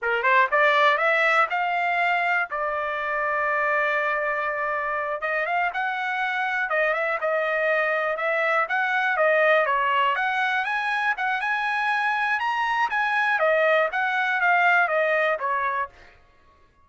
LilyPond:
\new Staff \with { instrumentName = "trumpet" } { \time 4/4 \tempo 4 = 121 ais'8 c''8 d''4 e''4 f''4~ | f''4 d''2.~ | d''2~ d''8 dis''8 f''8 fis''8~ | fis''4. dis''8 e''8 dis''4.~ |
dis''8 e''4 fis''4 dis''4 cis''8~ | cis''8 fis''4 gis''4 fis''8 gis''4~ | gis''4 ais''4 gis''4 dis''4 | fis''4 f''4 dis''4 cis''4 | }